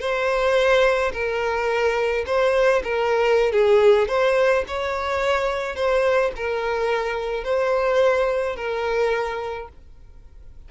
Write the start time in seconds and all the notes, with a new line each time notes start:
0.00 C5
1.13 A#4
2.26 C5
2.83 A#4
3.52 G#4
4.08 C5
4.68 C#5
5.76 C5
6.36 A#4
7.44 C5
8.56 A#4